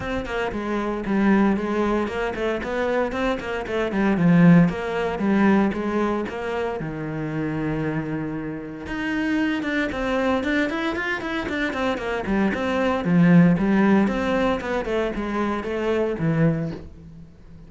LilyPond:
\new Staff \with { instrumentName = "cello" } { \time 4/4 \tempo 4 = 115 c'8 ais8 gis4 g4 gis4 | ais8 a8 b4 c'8 ais8 a8 g8 | f4 ais4 g4 gis4 | ais4 dis2.~ |
dis4 dis'4. d'8 c'4 | d'8 e'8 f'8 e'8 d'8 c'8 ais8 g8 | c'4 f4 g4 c'4 | b8 a8 gis4 a4 e4 | }